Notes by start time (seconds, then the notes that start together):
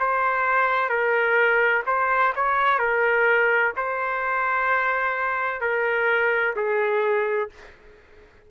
0.00 C5
0.89 A#4
1.87 C5
2.36 C#5
2.79 A#4
3.77 C5
5.61 A#4
6.56 G#4